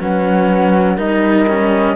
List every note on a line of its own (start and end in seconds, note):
0.00 0.98 F#3
0.00 0.97 C#4
0.00 0.96 B4
0.00 0.99 F#5
0.96 1.95 G3
0.96 1.46 D#4
0.96 1.94 A#4
0.96 1.95 D#5
1.49 1.95 C#4